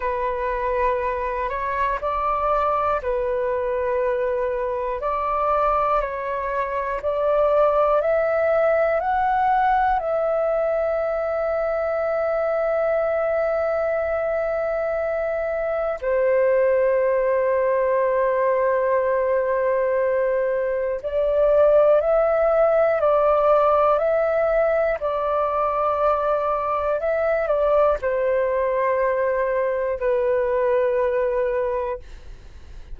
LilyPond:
\new Staff \with { instrumentName = "flute" } { \time 4/4 \tempo 4 = 60 b'4. cis''8 d''4 b'4~ | b'4 d''4 cis''4 d''4 | e''4 fis''4 e''2~ | e''1 |
c''1~ | c''4 d''4 e''4 d''4 | e''4 d''2 e''8 d''8 | c''2 b'2 | }